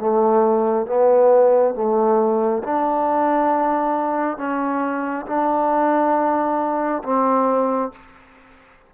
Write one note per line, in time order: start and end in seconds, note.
0.00 0.86 A3
0.86 1.74 B3
1.74 2.63 A3
2.64 4.38 D4
4.38 5.26 C#4
5.26 7.03 D4
7.03 7.92 C4